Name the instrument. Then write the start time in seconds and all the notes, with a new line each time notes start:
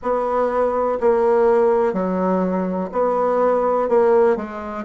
bassoon
0.02 B3
1.00 A#3
1.93 F#3
2.92 B3
3.88 A#3
4.36 G#3